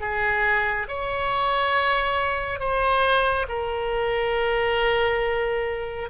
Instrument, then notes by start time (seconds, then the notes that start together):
oboe
0.00 G#4
0.88 C#5
2.59 C5
3.48 A#4